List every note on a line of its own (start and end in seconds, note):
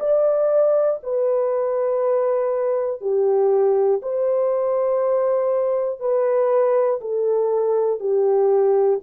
0.00 1.00 D5
1.03 3.01 B4
3.01 4.01 G4
4.03 6.00 C5
6.00 7.00 B4
7.02 8.00 A4
8.00 9.00 G4